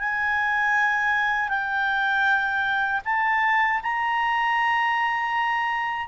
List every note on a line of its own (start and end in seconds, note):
0.00 1.49 G#5
1.49 3.01 G5
3.05 3.81 A5
3.83 6.08 A#5